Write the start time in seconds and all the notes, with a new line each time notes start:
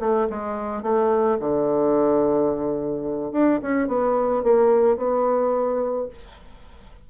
0.00 A3
0.30 G#3
0.83 A3
1.40 D3
3.32 D4
3.62 C#4
3.88 B3
4.43 A#3
4.97 B3